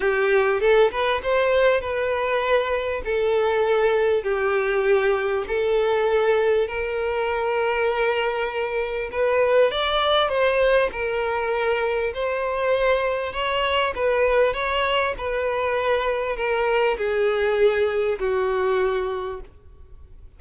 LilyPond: \new Staff \with { instrumentName = "violin" } { \time 4/4 \tempo 4 = 99 g'4 a'8 b'8 c''4 b'4~ | b'4 a'2 g'4~ | g'4 a'2 ais'4~ | ais'2. b'4 |
d''4 c''4 ais'2 | c''2 cis''4 b'4 | cis''4 b'2 ais'4 | gis'2 fis'2 | }